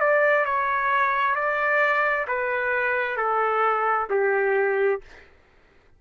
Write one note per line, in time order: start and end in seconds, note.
0.00 0.45 D5
0.45 1.36 C#5
1.36 2.26 D5
2.28 3.17 B4
3.17 4.08 A4
4.10 5.01 G4